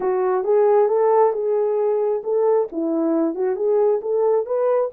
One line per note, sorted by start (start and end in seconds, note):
0.00 0.44 F#4
0.44 0.88 G#4
0.88 1.33 A4
1.33 2.21 G#4
2.23 2.68 A4
2.72 3.35 E4
3.35 3.56 F#4
3.56 4.00 G#4
4.01 4.45 A4
4.46 4.90 B4